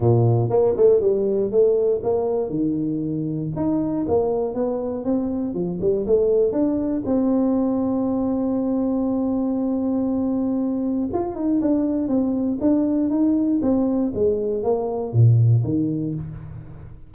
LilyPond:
\new Staff \with { instrumentName = "tuba" } { \time 4/4 \tempo 4 = 119 ais,4 ais8 a8 g4 a4 | ais4 dis2 dis'4 | ais4 b4 c'4 f8 g8 | a4 d'4 c'2~ |
c'1~ | c'2 f'8 dis'8 d'4 | c'4 d'4 dis'4 c'4 | gis4 ais4 ais,4 dis4 | }